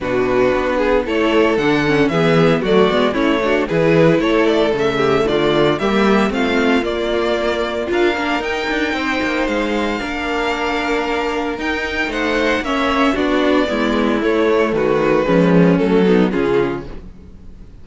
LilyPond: <<
  \new Staff \with { instrumentName = "violin" } { \time 4/4 \tempo 4 = 114 b'2 cis''4 fis''4 | e''4 d''4 cis''4 b'4 | cis''8 d''8 e''4 d''4 e''4 | f''4 d''2 f''4 |
g''2 f''2~ | f''2 g''4 fis''4 | e''4 d''2 cis''4 | b'2 a'4 gis'4 | }
  \new Staff \with { instrumentName = "violin" } { \time 4/4 fis'4. gis'8 a'2 | gis'4 fis'4 e'8 fis'8 gis'4 | a'4. g'8 f'4 g'4 | f'2. ais'4~ |
ais'4 c''2 ais'4~ | ais'2. c''4 | cis''4 fis'4 e'2 | fis'4 cis'4. dis'8 f'4 | }
  \new Staff \with { instrumentName = "viola" } { \time 4/4 d'2 e'4 d'8 cis'8 | b4 a8 b8 cis'8 d'8 e'4~ | e'4 a2 ais4 | c'4 ais2 f'8 d'8 |
dis'2. d'4~ | d'2 dis'2 | cis'4 d'4 b4 a4~ | a4 gis4 a8 b8 cis'4 | }
  \new Staff \with { instrumentName = "cello" } { \time 4/4 b,4 b4 a4 d4 | e4 fis8 gis8 a4 e4 | a4 cis4 d4 g4 | a4 ais2 d'8 ais8 |
dis'8 d'8 c'8 ais8 gis4 ais4~ | ais2 dis'4 a4 | ais4 b4 gis4 a4 | dis4 f4 fis4 cis4 | }
>>